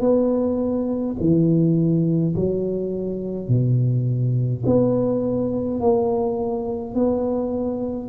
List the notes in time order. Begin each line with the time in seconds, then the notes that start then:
0.00 B3
1.20 E3
2.35 F#3
3.48 B2
4.65 B3
5.80 A#3
6.94 B3